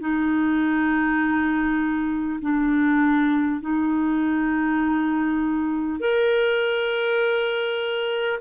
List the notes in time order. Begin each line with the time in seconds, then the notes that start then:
0.00 D#4
2.42 D4
3.61 D#4
6.01 A#4